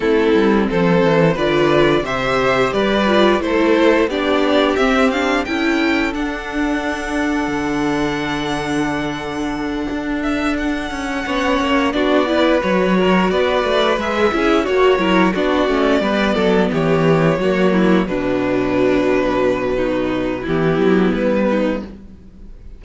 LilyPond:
<<
  \new Staff \with { instrumentName = "violin" } { \time 4/4 \tempo 4 = 88 a'4 c''4 d''4 e''4 | d''4 c''4 d''4 e''8 f''8 | g''4 fis''2.~ | fis''2. e''8 fis''8~ |
fis''4. d''4 cis''4 d''8~ | d''8 e''4 cis''4 d''4.~ | d''8 cis''2 b'4.~ | b'2 g'4 b'4 | }
  \new Staff \with { instrumentName = "violin" } { \time 4/4 e'4 a'4 b'4 c''4 | b'4 a'4 g'2 | a'1~ | a'1~ |
a'8 cis''4 fis'8 b'4 ais'8 b'8~ | b'4 gis'8 fis'8 ais'8 fis'4 b'8 | a'8 g'4 fis'8 e'8 d'4.~ | d'4 dis'4 e'4. dis'8 | }
  \new Staff \with { instrumentName = "viola" } { \time 4/4 c'2 f'4 g'4~ | g'8 f'8 e'4 d'4 c'8 d'8 | e'4 d'2.~ | d'1~ |
d'8 cis'4 d'8 e'8 fis'4.~ | fis'8 gis'8 e'8 fis'8 e'8 d'8 cis'8 b8~ | b4. ais4 fis4.~ | fis2 b2 | }
  \new Staff \with { instrumentName = "cello" } { \time 4/4 a8 g8 f8 e8 d4 c4 | g4 a4 b4 c'4 | cis'4 d'2 d4~ | d2~ d8 d'4. |
cis'8 b8 ais8 b4 fis4 b8 | a8 gis8 cis'8 ais8 fis8 b8 a8 g8 | fis8 e4 fis4 b,4.~ | b,2 e8 fis8 g4 | }
>>